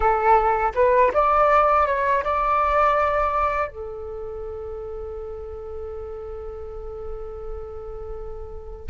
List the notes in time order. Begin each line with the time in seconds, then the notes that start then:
0.00 A4
0.74 B4
1.13 D5
1.86 C#5
2.24 D5
3.68 A4